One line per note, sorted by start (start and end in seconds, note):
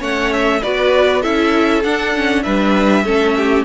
0.00 0.62 A3
0.00 0.61 C#4
0.00 0.61 C#5
0.00 0.33 F#5
0.33 0.63 E5
0.63 1.25 B3
0.63 1.23 F#4
0.63 1.22 B4
0.63 1.23 D5
1.22 1.85 C#4
1.22 1.83 E4
1.22 2.43 A4
1.22 1.83 E5
1.84 2.15 D4
1.84 2.46 D4
1.84 2.43 F#5
2.16 2.44 C#4
2.43 3.05 G3
2.43 3.05 D4
2.43 3.04 B4
2.43 3.65 E5
3.04 3.65 A3
3.04 3.65 C#4
3.04 3.35 A4
3.37 3.65 G4